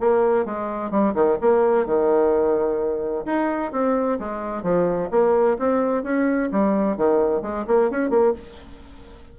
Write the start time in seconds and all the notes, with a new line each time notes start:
0.00 A#3
0.45 G#3
0.91 G3
1.15 D#3
1.41 A#3
1.86 D#3
3.26 D#4
3.72 C4
4.19 G#3
4.63 F3
5.11 A#3
5.59 C4
6.03 C#4
6.52 G3
6.97 D#3
7.42 G#3
7.67 A#3
7.90 C#4
8.10 A#3